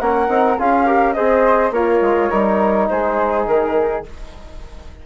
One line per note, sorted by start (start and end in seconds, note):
0.00 0.28 A#3
0.00 0.28 C#4
0.00 0.59 A#4
0.00 0.58 F#5
0.28 0.57 C4
0.28 0.57 D#4
0.58 1.16 C#4
0.58 0.86 F4
0.58 0.86 G#4
0.58 1.13 F5
0.86 1.15 G4
0.86 1.15 A#4
1.13 1.71 C4
1.13 1.73 G#4
1.13 1.73 C5
1.13 1.71 D#5
1.71 2.00 A#3
1.71 2.30 F4
1.71 2.30 A#4
1.71 2.88 C#5
2.01 2.30 G#3
2.30 2.90 G3
2.30 4.03 D#4
2.30 2.88 A#4
2.89 3.47 G#3
2.89 4.06 G#4
2.89 3.46 C5
3.47 4.04 D#3
3.47 4.04 A#4